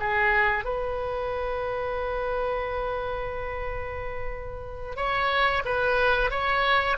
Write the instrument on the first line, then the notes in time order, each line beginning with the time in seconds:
oboe
0.00 G#4
0.65 B4
4.97 C#5
5.65 B4
6.31 C#5